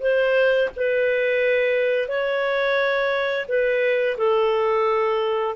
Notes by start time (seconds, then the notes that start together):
0.00 C5
0.76 B4
2.08 C#5
3.48 B4
4.18 A4